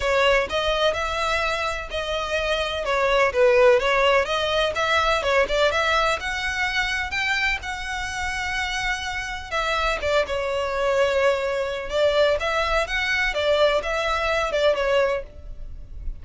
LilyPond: \new Staff \with { instrumentName = "violin" } { \time 4/4 \tempo 4 = 126 cis''4 dis''4 e''2 | dis''2 cis''4 b'4 | cis''4 dis''4 e''4 cis''8 d''8 | e''4 fis''2 g''4 |
fis''1 | e''4 d''8 cis''2~ cis''8~ | cis''4 d''4 e''4 fis''4 | d''4 e''4. d''8 cis''4 | }